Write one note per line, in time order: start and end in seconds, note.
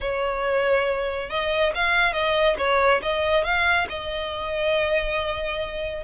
0.00 1.29 C#5
1.29 1.72 D#5
1.74 2.13 F5
2.13 2.56 D#5
2.58 3.01 C#5
3.02 3.44 D#5
3.44 3.87 F5
3.89 6.03 D#5